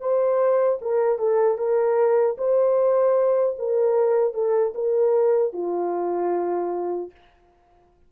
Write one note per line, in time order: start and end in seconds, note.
0.00 0.79 C5
0.81 1.19 A#4
1.19 1.58 A4
1.58 2.36 A#4
2.38 3.56 C5
3.58 4.34 A#4
4.34 4.73 A4
4.74 5.53 A#4
5.53 7.11 F4